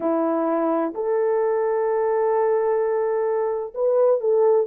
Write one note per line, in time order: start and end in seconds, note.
0.00 0.93 E4
0.94 3.73 A4
3.74 4.20 B4
4.20 4.66 A4